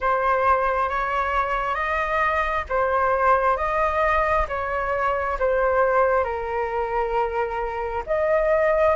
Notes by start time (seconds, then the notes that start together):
0.00 C5
0.89 C#5
1.75 D#5
2.69 C5
3.56 D#5
4.48 C#5
5.39 C5
6.24 A#4
8.06 D#5